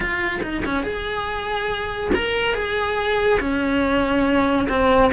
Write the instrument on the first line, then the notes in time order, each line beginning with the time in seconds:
cello
0.00 F4
0.42 D#4
0.65 C#4
0.83 G#4
2.14 A#4
2.54 G#4
3.40 C#4
4.68 C4